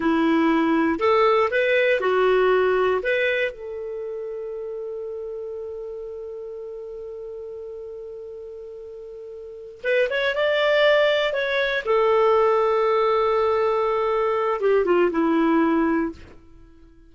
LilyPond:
\new Staff \with { instrumentName = "clarinet" } { \time 4/4 \tempo 4 = 119 e'2 a'4 b'4 | fis'2 b'4 a'4~ | a'1~ | a'1~ |
a'2.~ a'8 b'8 | cis''8 d''2 cis''4 a'8~ | a'1~ | a'4 g'8 f'8 e'2 | }